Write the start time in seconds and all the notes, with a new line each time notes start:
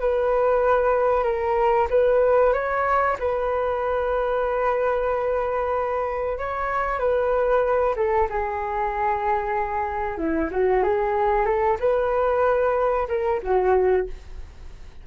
0.00 B4
1.24 A#4
1.90 B4
2.53 C#5
3.19 B4
6.38 C#5
6.99 B4
7.96 A4
8.30 G#4
10.18 E4
10.51 F#4
10.83 G#4
11.46 A4
11.80 B4
13.09 A#4
13.43 F#4